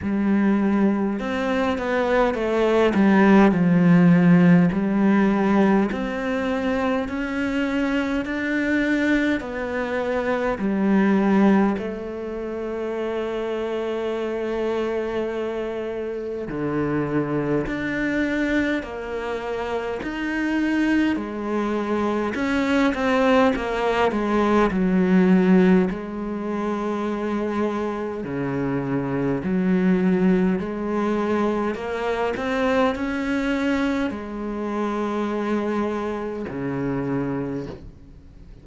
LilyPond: \new Staff \with { instrumentName = "cello" } { \time 4/4 \tempo 4 = 51 g4 c'8 b8 a8 g8 f4 | g4 c'4 cis'4 d'4 | b4 g4 a2~ | a2 d4 d'4 |
ais4 dis'4 gis4 cis'8 c'8 | ais8 gis8 fis4 gis2 | cis4 fis4 gis4 ais8 c'8 | cis'4 gis2 cis4 | }